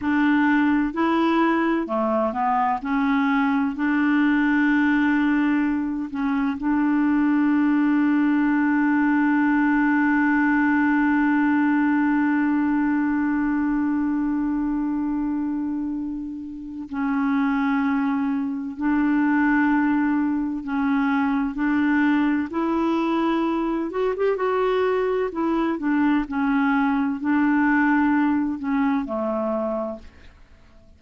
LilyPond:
\new Staff \with { instrumentName = "clarinet" } { \time 4/4 \tempo 4 = 64 d'4 e'4 a8 b8 cis'4 | d'2~ d'8 cis'8 d'4~ | d'1~ | d'1~ |
d'2 cis'2 | d'2 cis'4 d'4 | e'4. fis'16 g'16 fis'4 e'8 d'8 | cis'4 d'4. cis'8 a4 | }